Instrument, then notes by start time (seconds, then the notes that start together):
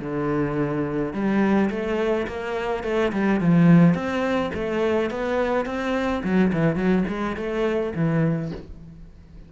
cello
0.00 D3
1.13 G3
1.70 A3
2.27 A#3
2.84 A3
3.12 G3
3.40 F3
3.94 C4
4.54 A3
5.10 B3
5.66 C4
6.24 F#3
6.52 E3
6.75 F#3
7.08 G#3
7.36 A3
7.95 E3